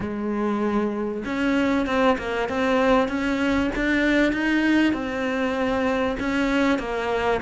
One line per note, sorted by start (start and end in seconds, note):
0.00 1.23 G#3
1.25 1.86 C#4
1.86 2.17 C4
2.18 2.49 A#3
2.49 3.08 C4
3.08 3.70 C#4
3.75 4.32 D4
4.32 4.93 D#4
4.93 6.17 C4
6.19 6.78 C#4
6.78 7.40 A#3